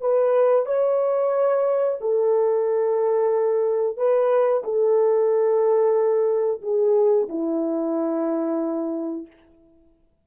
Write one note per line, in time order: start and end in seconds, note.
0.00 0.65 B4
0.65 1.97 C#5
2.00 3.97 A4
3.97 4.63 B4
4.63 6.61 A4
6.61 7.27 G#4
7.29 9.26 E4